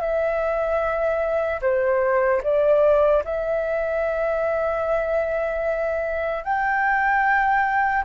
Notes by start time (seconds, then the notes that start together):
0.00 E5
1.61 C5
2.43 D5
3.24 E5
6.44 G5